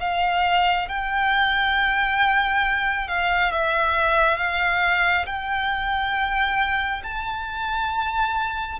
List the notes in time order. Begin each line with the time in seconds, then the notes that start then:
0.00 F5
0.88 G5
3.08 F5
3.51 E5
4.37 F5
5.26 G5
7.03 A5